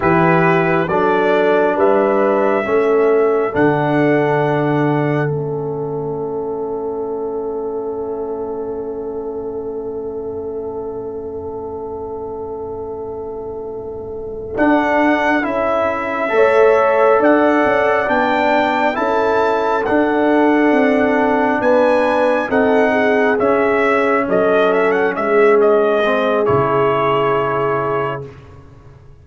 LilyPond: <<
  \new Staff \with { instrumentName = "trumpet" } { \time 4/4 \tempo 4 = 68 b'4 d''4 e''2 | fis''2 e''2~ | e''1~ | e''1~ |
e''8 fis''4 e''2 fis''8~ | fis''8 g''4 a''4 fis''4.~ | fis''8 gis''4 fis''4 e''4 dis''8 | e''16 fis''16 e''8 dis''4 cis''2 | }
  \new Staff \with { instrumentName = "horn" } { \time 4/4 g'4 a'4 b'4 a'4~ | a'1~ | a'1~ | a'1~ |
a'2~ a'8 cis''4 d''8~ | d''4. a'2~ a'8~ | a'8 b'4 a'8 gis'4. a'8~ | a'8 gis'2.~ gis'8 | }
  \new Staff \with { instrumentName = "trombone" } { \time 4/4 e'4 d'2 cis'4 | d'2 cis'2~ | cis'1~ | cis'1~ |
cis'8 d'4 e'4 a'4.~ | a'8 d'4 e'4 d'4.~ | d'4. dis'4 cis'4.~ | cis'4. c'8 e'2 | }
  \new Staff \with { instrumentName = "tuba" } { \time 4/4 e4 fis4 g4 a4 | d2 a2~ | a1~ | a1~ |
a8 d'4 cis'4 a4 d'8 | cis'8 b4 cis'4 d'4 c'8~ | c'8 b4 c'4 cis'4 fis8~ | fis8 gis4. cis2 | }
>>